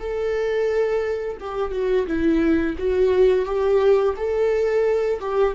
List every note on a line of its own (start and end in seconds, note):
0.00 1.38 A4
1.40 1.72 G4
1.72 2.07 F#4
2.07 2.76 E4
2.79 3.45 F#4
3.45 4.14 G4
4.17 5.20 A4
5.20 5.55 G4